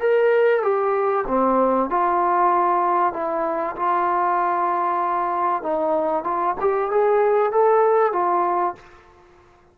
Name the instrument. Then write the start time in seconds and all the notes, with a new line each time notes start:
trombone
0.00 A#4
0.63 G4
1.28 C4
1.90 F4
3.13 E4
3.76 F4
5.63 D#4
6.24 F4
6.60 G4
6.91 G#4
7.52 A4
8.13 F4